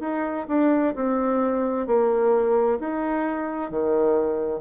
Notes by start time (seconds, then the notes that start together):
0.00 D#4
0.48 D4
0.95 C4
1.87 A#3
2.79 D#4
3.70 D#3